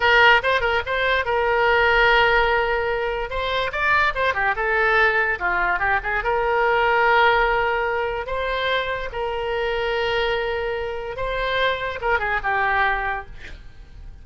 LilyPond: \new Staff \with { instrumentName = "oboe" } { \time 4/4 \tempo 4 = 145 ais'4 c''8 ais'8 c''4 ais'4~ | ais'1 | c''4 d''4 c''8 g'8 a'4~ | a'4 f'4 g'8 gis'8 ais'4~ |
ais'1 | c''2 ais'2~ | ais'2. c''4~ | c''4 ais'8 gis'8 g'2 | }